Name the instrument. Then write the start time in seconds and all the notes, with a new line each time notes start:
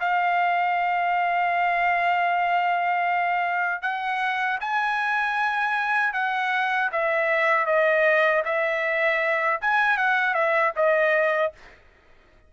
trumpet
0.00 F5
3.82 F#5
4.60 G#5
6.13 F#5
6.92 E5
7.66 D#5
8.45 E5
9.61 G#5
9.97 F#5
10.34 E5
10.76 D#5